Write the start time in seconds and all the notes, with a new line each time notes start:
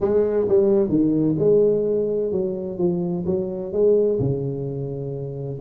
0.00 G#3
0.48 G3
0.89 D#3
1.38 G#3
2.31 F#3
2.78 F3
3.26 F#3
3.72 G#3
4.19 C#3